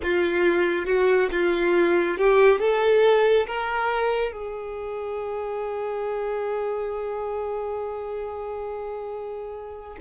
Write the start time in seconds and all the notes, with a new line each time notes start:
0.02 F4
0.85 F#4
1.31 F4
2.17 G4
2.59 A4
3.47 A#4
4.32 G#4